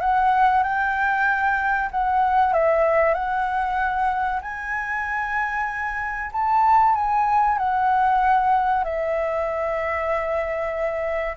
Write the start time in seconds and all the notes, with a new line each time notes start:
0.00 F#5
0.63 G5
1.91 F#5
2.53 E5
3.14 F#5
4.41 G#5
6.32 A5
6.95 G#5
7.58 F#5
8.84 E5